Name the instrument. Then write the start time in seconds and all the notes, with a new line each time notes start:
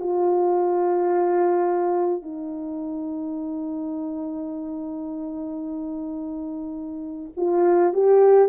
horn
0.00 F4
2.23 D#4
7.37 F4
7.94 G4